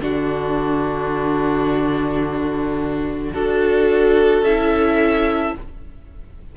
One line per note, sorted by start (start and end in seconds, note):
0.00 3.33 D3
0.00 3.35 D4
0.00 3.34 F#4
0.00 4.44 D5
3.34 4.42 D4
3.34 4.46 F#4
3.34 5.56 A4
4.42 5.53 C#4
4.42 5.58 E4
4.42 5.56 E5